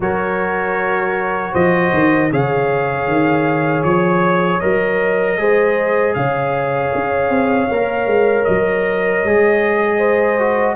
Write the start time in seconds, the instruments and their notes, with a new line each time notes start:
0.00 tuba F#3, trombone F#4, horn A#4, trumpet C#5
1.52 tuba F3, horn C5, trumpet D#5
1.93 tuba D#3
2.31 tuba C#3, trombone G#4, horn C#5, trumpet F5
3.07 tuba D#3
3.83 tuba F3, trumpet C#5
4.59 tuba F#3, trombone A#4, trumpet D#5
5.38 tuba G#3, trombone G#4, horn C5
6.14 tuba C#3, horn C#5, trumpet F5
6.94 tuba C#4
7.29 tuba C4
7.71 tuba A#3, trombone A#4
8.06 tuba G#3
8.44 tuba F#3, trumpet D#5
9.23 tuba G#3, trombone G#4
9.97 horn C5
10.39 trombone F#4